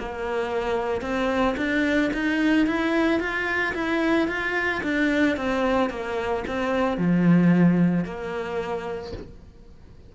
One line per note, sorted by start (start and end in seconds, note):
0.00 1.02 A#3
1.02 1.56 C4
1.57 2.11 D4
2.14 2.67 D#4
2.67 3.20 E4
3.20 3.74 F4
3.74 4.28 E4
4.28 4.82 F4
4.83 5.37 D4
5.37 5.90 C4
5.90 6.44 A#3
6.48 6.98 C4
6.98 8.05 F3
8.05 9.13 A#3